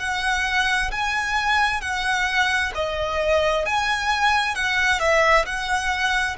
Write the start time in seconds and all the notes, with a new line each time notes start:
0.00 F#5
0.91 G#5
1.81 F#5
2.75 D#5
3.66 G#5
4.55 F#5
5.00 E5
5.46 F#5